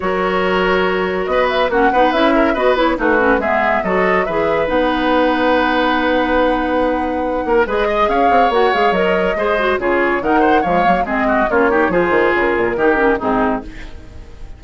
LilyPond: <<
  \new Staff \with { instrumentName = "flute" } { \time 4/4 \tempo 4 = 141 cis''2. dis''8 e''8 | fis''4 e''4 dis''8 cis''8 b'4 | e''4 dis''4 e''4 fis''4~ | fis''1~ |
fis''2 dis''4 f''4 | fis''8 f''8 dis''2 cis''4 | fis''4 f''4 dis''4 cis''4 | c''4 ais'2 gis'4 | }
  \new Staff \with { instrumentName = "oboe" } { \time 4/4 ais'2. b'4 | fis'8 b'4 ais'8 b'4 fis'4 | gis'4 a'4 b'2~ | b'1~ |
b'4. ais'8 b'8 dis''8 cis''4~ | cis''2 c''4 gis'4 | ais'8 c''8 cis''4 gis'8 fis'8 f'8 g'8 | gis'2 g'4 dis'4 | }
  \new Staff \with { instrumentName = "clarinet" } { \time 4/4 fis'1 | cis'8 dis'8 e'4 fis'8 e'8 dis'8 cis'8 | b4 fis'4 gis'4 dis'4~ | dis'1~ |
dis'2 gis'2 | fis'8 gis'8 ais'4 gis'8 fis'8 f'4 | dis'4 gis8 ais8 c'4 cis'8 dis'8 | f'2 dis'8 cis'8 c'4 | }
  \new Staff \with { instrumentName = "bassoon" } { \time 4/4 fis2. b4 | ais8 b8 cis'4 b4 a4 | gis4 fis4 e4 b4~ | b1~ |
b4. ais8 gis4 cis'8 c'8 | ais8 gis8 fis4 gis4 cis4 | dis4 f8 fis8 gis4 ais4 | f8 dis8 cis8 ais,8 dis4 gis,4 | }
>>